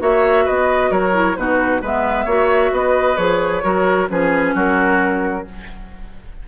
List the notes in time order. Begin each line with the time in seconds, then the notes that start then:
0.00 A#3 F#4 C#5 E5
0.45 B3 B4 D#5
0.91 F#3 A#4 C#5
1.13 E4
1.36 B2 D#4 F#4 B4
1.82 G#3 B3 B4 E5
2.25 A#3 F#4 C#5
2.72 B3 B4 D#5
3.17 F3 G#4 C#5
3.63 F#3 F#4 A#4
4.08 F3 C#4 G#4 B4
4.55 F#3 F#4 A#4